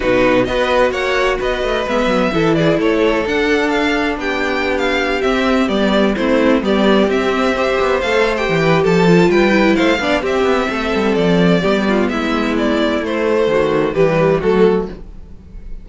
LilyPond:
<<
  \new Staff \with { instrumentName = "violin" } { \time 4/4 \tempo 4 = 129 b'4 dis''4 fis''4 dis''4 | e''4. d''8 cis''4 fis''4 | f''4 g''4~ g''16 f''4 e''8.~ | e''16 d''4 c''4 d''4 e''8.~ |
e''4~ e''16 f''8. g''4 a''4 | g''4 f''4 e''2 | d''2 e''4 d''4 | c''2 b'4 a'4 | }
  \new Staff \with { instrumentName = "violin" } { \time 4/4 fis'4 b'4 cis''4 b'4~ | b'4 a'8 gis'8 a'2~ | a'4 g'2.~ | g'4~ g'16 e'4 g'4.~ g'16~ |
g'16 c''2~ c''16 b'8 a'4 | b'4 c''8 d''8 g'4 a'4~ | a'4 g'8 f'8 e'2~ | e'4 fis'4 g'4 fis'4 | }
  \new Staff \with { instrumentName = "viola" } { \time 4/4 dis'4 fis'2. | b4 e'2 d'4~ | d'2.~ d'16 c'8.~ | c'16 b4 c'4 b4 c'8.~ |
c'16 g'4 a'8. g'4. f'8~ | f'8 e'4 d'8 c'2~ | c'4 b2. | a2 g4 a4 | }
  \new Staff \with { instrumentName = "cello" } { \time 4/4 b,4 b4 ais4 b8 a8 | gis8 fis8 e4 a4 d'4~ | d'4 b2~ b16 c'8.~ | c'16 g4 a4 g4 c'8.~ |
c'8. b8 a4 e8. f4 | g4 a8 b8 c'8 b8 a8 g8 | f4 g4 gis2 | a4 dis4 e4 fis4 | }
>>